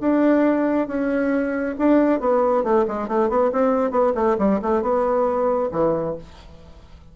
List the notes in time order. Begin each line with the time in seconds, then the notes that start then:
0.00 D4
0.87 C#4
1.78 D4
2.20 B3
2.63 A3
2.87 G#3
3.08 A3
3.29 B3
3.52 C4
3.91 B3
4.14 A3
4.38 G3
4.62 A3
4.82 B3
5.72 E3